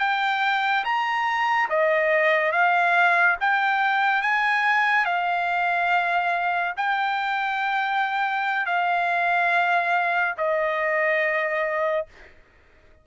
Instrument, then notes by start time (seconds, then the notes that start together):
trumpet
0.00 G5
0.85 A#5
1.70 D#5
2.52 F5
3.41 G5
4.23 G#5
5.06 F5
6.77 G5
8.66 F5
10.38 D#5